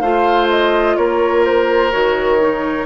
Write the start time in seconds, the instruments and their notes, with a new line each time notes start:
0.00 bassoon A3, clarinet F4, oboe C5, flute F5
0.49 flute D#5
0.96 bassoon A#3, oboe A#4, flute C#5
1.45 flute C5
1.91 bassoon D#3, clarinet F#4, flute C#5
2.40 clarinet D#4